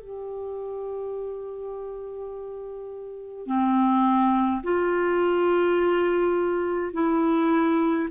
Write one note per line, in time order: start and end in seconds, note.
0.00 3.46 G4
3.46 4.62 C4
4.63 6.93 F4
6.93 8.09 E4